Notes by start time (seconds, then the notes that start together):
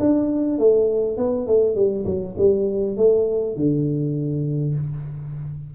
0.00 D4
0.59 A3
1.18 B3
1.47 A3
1.76 G3
2.06 F#3
2.38 G3
2.97 A3
3.56 D3